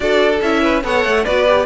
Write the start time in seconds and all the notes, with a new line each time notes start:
0.00 D4 F#4 A4 D5
0.41 C#4 E4 E5
0.62 B4
0.83 B3 A4 C#5 F#5
1.04 A3
1.24 B3 F#4 B4 D5
1.46 G4